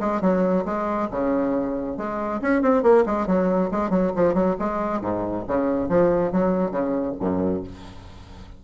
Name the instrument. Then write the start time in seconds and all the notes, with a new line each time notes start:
bassoon
0.00 G#3
0.21 F#3
0.65 G#3
1.10 C#3
1.97 G#3
2.41 C#4
2.62 C4
2.83 A#3
3.06 G#3
3.27 F#3
3.71 G#3
3.90 F#3
4.16 F3
4.34 F#3
4.59 G#3
5.01 G#2
5.47 C#3
5.89 F3
6.32 F#3
6.71 C#3
7.20 F#2